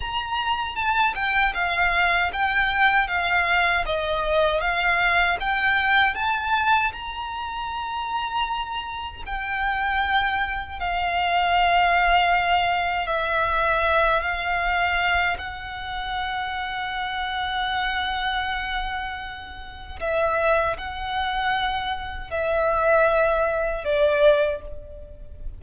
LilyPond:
\new Staff \with { instrumentName = "violin" } { \time 4/4 \tempo 4 = 78 ais''4 a''8 g''8 f''4 g''4 | f''4 dis''4 f''4 g''4 | a''4 ais''2. | g''2 f''2~ |
f''4 e''4. f''4. | fis''1~ | fis''2 e''4 fis''4~ | fis''4 e''2 d''4 | }